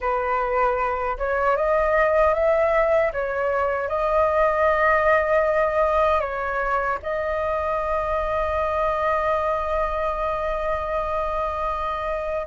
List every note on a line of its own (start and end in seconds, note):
0.00 1.17 B4
1.18 1.56 C#5
1.56 2.34 D#5
2.34 3.12 E5
3.12 3.88 C#5
3.88 6.20 D#5
6.20 6.98 C#5
7.02 12.46 D#5